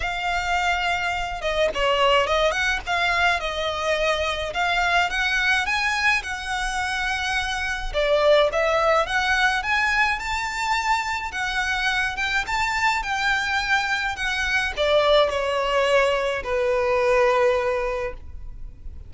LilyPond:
\new Staff \with { instrumentName = "violin" } { \time 4/4 \tempo 4 = 106 f''2~ f''8 dis''8 cis''4 | dis''8 fis''8 f''4 dis''2 | f''4 fis''4 gis''4 fis''4~ | fis''2 d''4 e''4 |
fis''4 gis''4 a''2 | fis''4. g''8 a''4 g''4~ | g''4 fis''4 d''4 cis''4~ | cis''4 b'2. | }